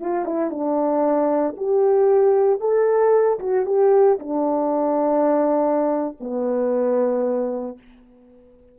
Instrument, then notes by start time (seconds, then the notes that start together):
horn
0.00 F4
0.25 E4
0.50 D4
1.57 G4
2.60 A4
3.39 F#4
3.66 G4
4.20 D4
6.20 B3